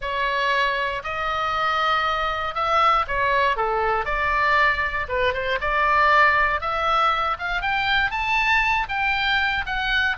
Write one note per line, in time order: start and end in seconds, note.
0.01 1.02 C#5
1.03 2.54 D#5
2.54 3.05 E5
3.07 3.56 C#5
3.56 4.05 A4
4.05 5.06 D5
5.08 5.33 B4
5.33 5.58 C5
5.60 6.61 D5
6.61 7.37 E5
7.38 7.61 F5
7.61 8.11 G5
8.11 8.87 A5
8.88 9.65 G5
9.66 10.16 F#5